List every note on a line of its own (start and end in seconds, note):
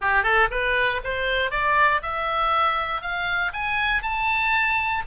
0.01 0.23 G4
0.23 0.48 A4
0.50 1.01 B4
1.03 1.50 C5
1.50 2.01 D5
2.02 3.01 E5
3.01 3.52 F5
3.53 4.02 G#5
4.02 5.03 A5